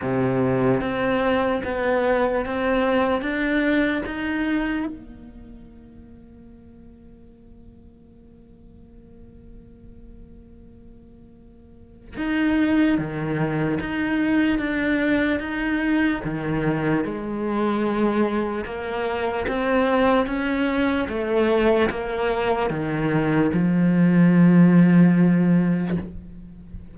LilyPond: \new Staff \with { instrumentName = "cello" } { \time 4/4 \tempo 4 = 74 c4 c'4 b4 c'4 | d'4 dis'4 ais2~ | ais1~ | ais2. dis'4 |
dis4 dis'4 d'4 dis'4 | dis4 gis2 ais4 | c'4 cis'4 a4 ais4 | dis4 f2. | }